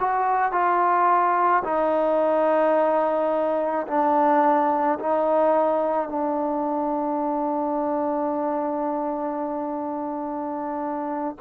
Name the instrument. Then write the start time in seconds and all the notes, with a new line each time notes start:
trombone
0.00 F#4
0.53 F4
1.65 D#4
3.88 D4
5.00 D#4
6.09 D4